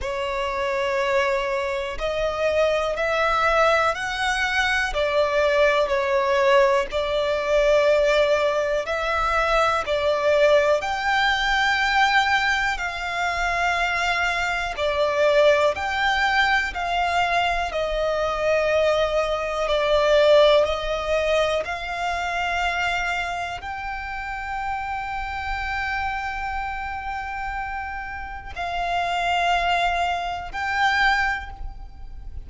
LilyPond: \new Staff \with { instrumentName = "violin" } { \time 4/4 \tempo 4 = 61 cis''2 dis''4 e''4 | fis''4 d''4 cis''4 d''4~ | d''4 e''4 d''4 g''4~ | g''4 f''2 d''4 |
g''4 f''4 dis''2 | d''4 dis''4 f''2 | g''1~ | g''4 f''2 g''4 | }